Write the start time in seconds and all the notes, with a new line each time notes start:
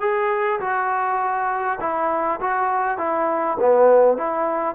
0.00 G#4
0.60 F#4
1.80 E4
2.40 F#4
2.98 E4
3.59 B3
4.17 E4